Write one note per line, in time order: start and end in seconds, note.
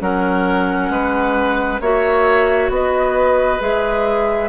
0.00 0.89 F#3
0.00 1.79 C#4
0.00 0.91 A#4
0.00 1.80 F#5
0.89 1.79 G#3
0.89 1.81 B4
1.80 2.69 A#3
1.80 3.60 F#4
1.80 2.70 C#5
1.80 2.70 E5
2.69 3.58 B3
2.69 4.49 B4
2.69 3.61 D#5
3.60 4.49 G#3
3.60 4.49 G#4
3.60 4.49 E5